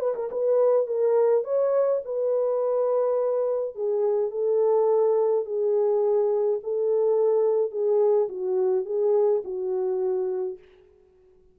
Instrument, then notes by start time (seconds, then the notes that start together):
horn
0.00 B4
0.15 A#4
0.31 B4
0.87 A#4
1.44 C#5
2.05 B4
3.75 G#4
4.31 A4
5.46 G#4
6.63 A4
7.71 G#4
8.29 F#4
8.86 G#4
9.44 F#4